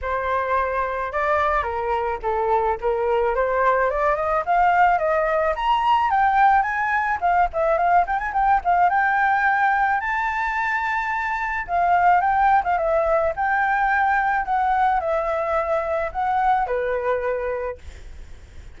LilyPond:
\new Staff \with { instrumentName = "flute" } { \time 4/4 \tempo 4 = 108 c''2 d''4 ais'4 | a'4 ais'4 c''4 d''8 dis''8 | f''4 dis''4 ais''4 g''4 | gis''4 f''8 e''8 f''8 g''16 gis''16 g''8 f''8 |
g''2 a''2~ | a''4 f''4 g''8. f''16 e''4 | g''2 fis''4 e''4~ | e''4 fis''4 b'2 | }